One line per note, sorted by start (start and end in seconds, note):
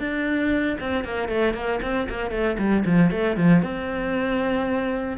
0.00 0.78 D4
0.81 1.05 C4
1.05 1.29 A#3
1.29 1.54 A3
1.54 1.80 A#3
1.82 2.08 C4
2.09 2.31 A#3
2.31 2.57 A3
2.59 2.84 G3
2.85 3.11 F3
3.11 3.37 A3
3.37 3.63 F3
3.63 5.18 C4